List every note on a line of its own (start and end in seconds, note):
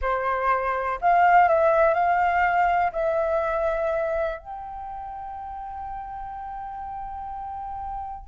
0.01 0.99 C5
1.01 1.48 F5
1.48 1.94 E5
1.94 2.91 F5
2.92 4.39 E5
4.39 8.28 G5